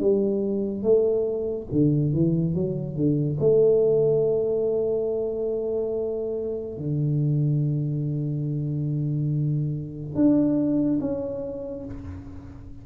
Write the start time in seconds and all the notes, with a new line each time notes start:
0.00 G3
0.83 A3
1.72 D3
2.13 E3
2.55 F#3
2.96 D3
3.40 A3
6.78 D3
10.15 D4
11.00 C#4